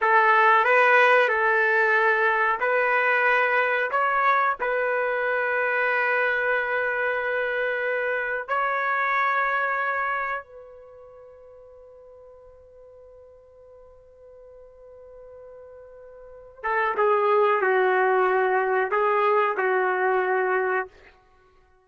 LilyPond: \new Staff \with { instrumentName = "trumpet" } { \time 4/4 \tempo 4 = 92 a'4 b'4 a'2 | b'2 cis''4 b'4~ | b'1~ | b'4 cis''2. |
b'1~ | b'1~ | b'4. a'8 gis'4 fis'4~ | fis'4 gis'4 fis'2 | }